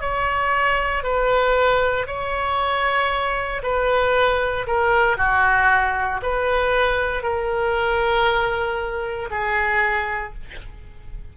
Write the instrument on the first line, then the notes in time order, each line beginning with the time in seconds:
oboe
0.00 C#5
1.03 B4
2.06 C#5
3.63 B4
4.66 A#4
5.17 F#4
6.22 B4
7.22 A#4
9.30 G#4